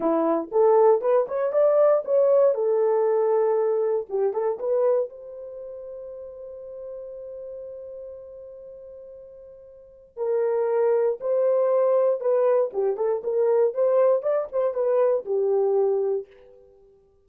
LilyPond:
\new Staff \with { instrumentName = "horn" } { \time 4/4 \tempo 4 = 118 e'4 a'4 b'8 cis''8 d''4 | cis''4 a'2. | g'8 a'8 b'4 c''2~ | c''1~ |
c''1 | ais'2 c''2 | b'4 g'8 a'8 ais'4 c''4 | d''8 c''8 b'4 g'2 | }